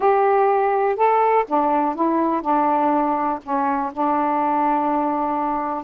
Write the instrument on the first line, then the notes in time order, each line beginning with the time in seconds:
saxophone
0.00 G4
0.96 A4
1.47 D4
1.95 E4
2.41 D4
3.43 C#4
3.92 D4